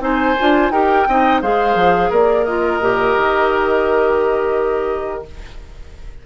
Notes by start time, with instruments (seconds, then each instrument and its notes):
0.00 bassoon C4, clarinet D#4, oboe C5, flute G#5
0.39 bassoon D4, clarinet F4
0.71 bassoon D#4, clarinet G4, oboe A#4, flute G5
1.08 bassoon C4, clarinet D#4, oboe D#5
1.42 bassoon G#3, clarinet G#4, oboe C5, flute F5
1.75 bassoon F3
2.10 bassoon A#3, oboe A#4, flute D5
2.45 clarinet F4, flute D#5
2.81 bassoon A#2, clarinet G4
3.17 bassoon D#3